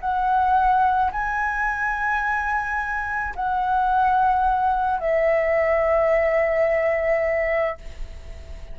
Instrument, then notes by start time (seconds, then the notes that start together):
flute
0.00 F#5
1.12 G#5
3.35 F#5
4.99 E5